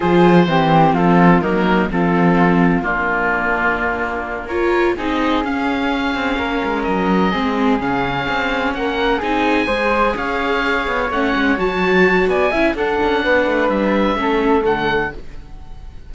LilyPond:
<<
  \new Staff \with { instrumentName = "oboe" } { \time 4/4 \tempo 4 = 127 c''2 a'4 ais'4 | a'2 f'2~ | f'4. cis''4 dis''4 f''8~ | f''2~ f''8 dis''4.~ |
dis''8 f''2 fis''4 gis''8~ | gis''4. f''2 fis''8~ | fis''8 a''4. gis''4 fis''4~ | fis''4 e''2 fis''4 | }
  \new Staff \with { instrumentName = "flute" } { \time 4/4 gis'4 g'4 f'4 dis'4 | f'2 d'2~ | d'4. ais'4 gis'4.~ | gis'4. ais'2 gis'8~ |
gis'2~ gis'8 ais'4 gis'8~ | gis'8 c''4 cis''2~ cis''8~ | cis''2 d''8 e''8 a'4 | b'2 a'2 | }
  \new Staff \with { instrumentName = "viola" } { \time 4/4 f'4 c'2 ais4 | c'2 ais2~ | ais4. f'4 dis'4 cis'8~ | cis'2.~ cis'8 c'8~ |
c'8 cis'2. dis'8~ | dis'8 gis'2. cis'8~ | cis'8 fis'2 e'8 d'4~ | d'2 cis'4 a4 | }
  \new Staff \with { instrumentName = "cello" } { \time 4/4 f4 e4 f4 fis4 | f2 ais2~ | ais2~ ais8 c'4 cis'8~ | cis'4 c'8 ais8 gis8 fis4 gis8~ |
gis8 cis4 c'4 ais4 c'8~ | c'8 gis4 cis'4. b8 a8 | gis8 fis4. b8 cis'8 d'8 cis'8 | b8 a8 g4 a4 d4 | }
>>